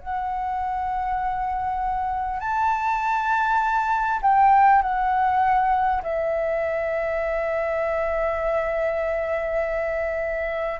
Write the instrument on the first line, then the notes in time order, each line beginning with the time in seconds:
flute
0.00 F#5
2.40 A5
4.22 G5
4.82 F#5
6.03 E5